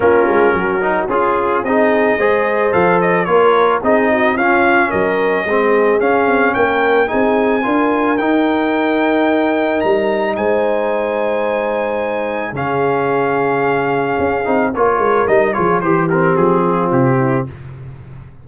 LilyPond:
<<
  \new Staff \with { instrumentName = "trumpet" } { \time 4/4 \tempo 4 = 110 ais'2 gis'4 dis''4~ | dis''4 f''8 dis''8 cis''4 dis''4 | f''4 dis''2 f''4 | g''4 gis''2 g''4~ |
g''2 ais''4 gis''4~ | gis''2. f''4~ | f''2. cis''4 | dis''8 cis''8 c''8 ais'8 gis'4 g'4 | }
  \new Staff \with { instrumentName = "horn" } { \time 4/4 f'4 fis'4 f'4 gis'4 | c''2 ais'4 gis'8 fis'8 | f'4 ais'4 gis'2 | ais'4 gis'4 ais'2~ |
ais'2. c''4~ | c''2. gis'4~ | gis'2. ais'4~ | ais'8 gis'8 g'4. f'4 e'8 | }
  \new Staff \with { instrumentName = "trombone" } { \time 4/4 cis'4. dis'8 f'4 dis'4 | gis'4 a'4 f'4 dis'4 | cis'2 c'4 cis'4~ | cis'4 dis'4 f'4 dis'4~ |
dis'1~ | dis'2. cis'4~ | cis'2~ cis'8 dis'8 f'4 | dis'8 f'8 g'8 c'2~ c'8 | }
  \new Staff \with { instrumentName = "tuba" } { \time 4/4 ais8 gis8 fis4 cis'4 c'4 | gis4 f4 ais4 c'4 | cis'4 fis4 gis4 cis'8 c'8 | ais4 c'4 d'4 dis'4~ |
dis'2 g4 gis4~ | gis2. cis4~ | cis2 cis'8 c'8 ais8 gis8 | g8 f8 e4 f4 c4 | }
>>